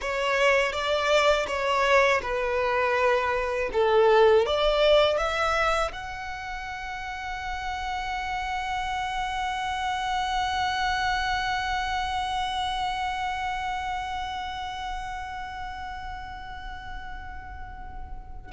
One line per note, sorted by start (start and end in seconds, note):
0.01 0.72 C#5
0.72 1.46 D5
1.47 2.21 C#5
2.22 3.70 B4
3.72 4.45 A4
4.45 5.17 D5
5.17 5.91 E5
5.92 18.51 F#5